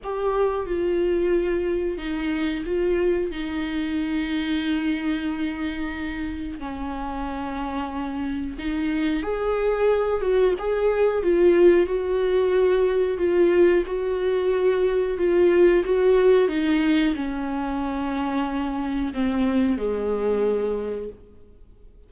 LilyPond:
\new Staff \with { instrumentName = "viola" } { \time 4/4 \tempo 4 = 91 g'4 f'2 dis'4 | f'4 dis'2.~ | dis'2 cis'2~ | cis'4 dis'4 gis'4. fis'8 |
gis'4 f'4 fis'2 | f'4 fis'2 f'4 | fis'4 dis'4 cis'2~ | cis'4 c'4 gis2 | }